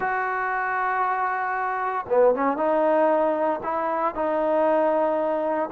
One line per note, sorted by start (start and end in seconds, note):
0.00 2.05 F#4
2.08 2.34 B3
2.35 2.57 C#4
2.57 3.60 D#4
3.63 4.14 E4
4.14 5.69 D#4